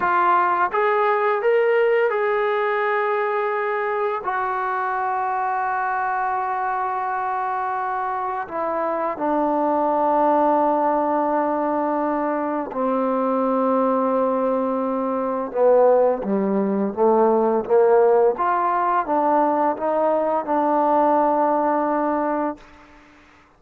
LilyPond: \new Staff \with { instrumentName = "trombone" } { \time 4/4 \tempo 4 = 85 f'4 gis'4 ais'4 gis'4~ | gis'2 fis'2~ | fis'1 | e'4 d'2.~ |
d'2 c'2~ | c'2 b4 g4 | a4 ais4 f'4 d'4 | dis'4 d'2. | }